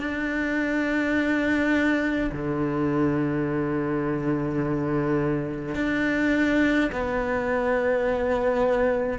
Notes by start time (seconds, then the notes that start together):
0.00 D4
2.32 D3
5.75 D4
6.92 B3